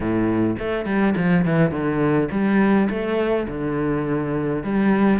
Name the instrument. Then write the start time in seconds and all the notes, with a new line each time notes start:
cello
0.00 A2
0.58 A3
0.85 G3
1.16 F3
1.45 E3
1.71 D3
2.31 G3
2.89 A3
3.48 D3
4.63 G3